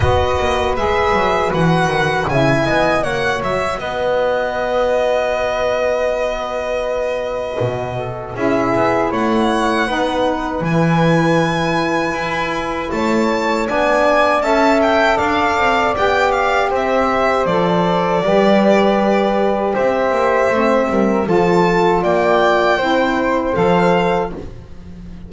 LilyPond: <<
  \new Staff \with { instrumentName = "violin" } { \time 4/4 \tempo 4 = 79 dis''4 e''4 fis''4 gis''4 | fis''8 e''8 dis''2.~ | dis''2. e''4 | fis''2 gis''2~ |
gis''4 a''4 gis''4 a''8 g''8 | f''4 g''8 f''8 e''4 d''4~ | d''2 e''2 | a''4 g''2 f''4 | }
  \new Staff \with { instrumentName = "flute" } { \time 4/4 b'2. e''8 dis''8 | cis''4 b'2.~ | b'2~ b'8 a'8 gis'4 | cis''4 b'2.~ |
b'4 cis''4 d''4 e''4 | d''2 c''2 | b'2 c''4. ais'8 | a'4 d''4 c''2 | }
  \new Staff \with { instrumentName = "saxophone" } { \time 4/4 fis'4 gis'4 fis'4 e'4 | fis'1~ | fis'2. e'4~ | e'4 dis'4 e'2~ |
e'2 d'4 a'4~ | a'4 g'2 a'4 | g'2. c'4 | f'2 e'4 a'4 | }
  \new Staff \with { instrumentName = "double bass" } { \time 4/4 b8 ais8 gis8 fis8 e8 dis8 cis8 b8 | ais8 fis8 b2.~ | b2 b,4 cis'8 b8 | a4 b4 e2 |
e'4 a4 b4 cis'4 | d'8 c'8 b4 c'4 f4 | g2 c'8 ais8 a8 g8 | f4 ais4 c'4 f4 | }
>>